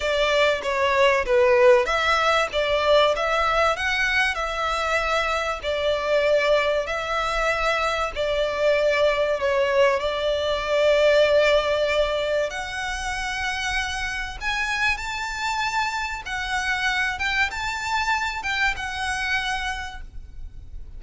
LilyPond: \new Staff \with { instrumentName = "violin" } { \time 4/4 \tempo 4 = 96 d''4 cis''4 b'4 e''4 | d''4 e''4 fis''4 e''4~ | e''4 d''2 e''4~ | e''4 d''2 cis''4 |
d''1 | fis''2. gis''4 | a''2 fis''4. g''8 | a''4. g''8 fis''2 | }